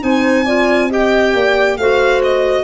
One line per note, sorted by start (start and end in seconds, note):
0.00 1.34 C4
0.00 0.44 D#4
0.00 0.45 C5
0.00 0.91 G#5
0.45 0.90 F4
0.45 0.90 D5
0.90 1.78 G4
0.90 1.34 D#5
0.90 1.77 G5
1.34 1.77 A#3
1.34 1.79 D5
1.77 2.64 A3
1.77 2.64 F#4
1.77 2.64 C5
1.77 2.22 F5
2.23 2.64 D#5